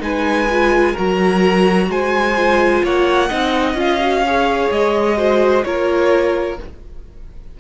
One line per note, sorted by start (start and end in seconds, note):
0.00 0.94 G#3
0.00 0.47 D#4
0.00 0.93 B4
0.00 0.97 G#5
0.50 0.96 F4
0.93 1.89 F#3
0.93 2.36 F#4
0.93 1.87 A#4
0.93 1.91 A#5
1.89 2.83 G#3
1.89 2.84 C5
1.89 2.85 G#5
2.36 3.30 F4
2.83 3.30 A#3
2.83 3.29 C#5
2.83 3.80 F#5
3.29 3.74 C4
3.29 3.76 D#4
3.29 4.22 D#5
3.74 4.68 C#4
3.74 3.99 F4
3.74 4.72 F5
4.00 4.24 F#4
4.26 5.17 G#4
4.26 5.18 C#5
4.71 5.65 G#3
4.71 5.64 D#5
5.17 5.64 F#4
5.17 5.64 C5
5.64 6.59 A#3
5.64 6.58 F4
5.64 6.60 A#4
5.64 6.58 C#5